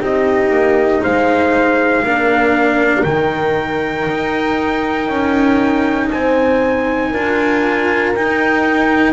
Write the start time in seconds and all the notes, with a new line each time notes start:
0.00 C4 D#4 G4 D#5
0.49 A#3
1.02 G#3 C5 F5
2.02 A#3 D4 A#4
3.03 D#3 D#4 G5
4.08 D#4
5.08 C#4
6.11 C4 C5 G#5
7.11 D4 F4 A#4
8.15 D#4 G5